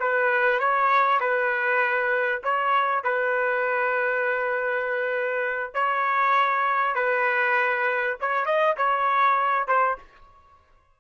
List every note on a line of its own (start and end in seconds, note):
0.00 0.60 B4
0.60 1.20 C#5
1.20 2.42 B4
2.44 3.04 C#5
3.04 5.74 B4
5.74 6.95 C#5
6.96 8.17 B4
8.21 8.46 C#5
8.46 8.76 D#5
8.77 9.68 C#5
9.68 9.98 C5